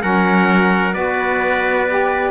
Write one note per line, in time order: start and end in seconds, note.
0.00 0.95 F#3
0.00 0.93 C#4
0.00 0.94 A#4
0.00 0.94 F#5
0.94 2.31 B3
0.94 1.88 F#4
0.94 2.31 B4
0.94 2.31 D5
1.88 2.31 G4